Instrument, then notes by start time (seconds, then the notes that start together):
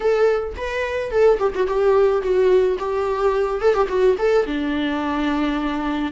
viola
0.00 A4
0.57 B4
1.10 A4
1.39 G4
1.54 F#4
1.67 G4
2.21 F#4
2.79 G4
3.61 A4
3.73 G4
3.88 F#4
4.18 A4
4.46 D4